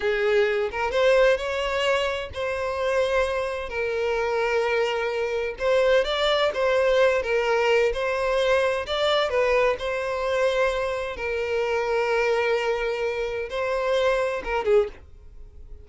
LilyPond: \new Staff \with { instrumentName = "violin" } { \time 4/4 \tempo 4 = 129 gis'4. ais'8 c''4 cis''4~ | cis''4 c''2. | ais'1 | c''4 d''4 c''4. ais'8~ |
ais'4 c''2 d''4 | b'4 c''2. | ais'1~ | ais'4 c''2 ais'8 gis'8 | }